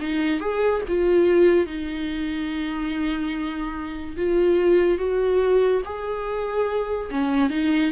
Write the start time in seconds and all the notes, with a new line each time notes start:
0.00 D#4
0.40 G#4
0.88 F4
1.66 D#4
4.16 F4
4.98 F#4
5.85 G#4
7.11 C#4
7.50 D#4